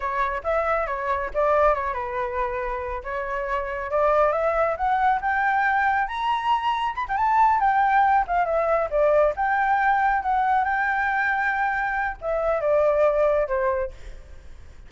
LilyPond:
\new Staff \with { instrumentName = "flute" } { \time 4/4 \tempo 4 = 138 cis''4 e''4 cis''4 d''4 | cis''8 b'2~ b'8 cis''4~ | cis''4 d''4 e''4 fis''4 | g''2 ais''2 |
b''16 g''16 a''4 g''4. f''8 e''8~ | e''8 d''4 g''2 fis''8~ | fis''8 g''2.~ g''8 | e''4 d''2 c''4 | }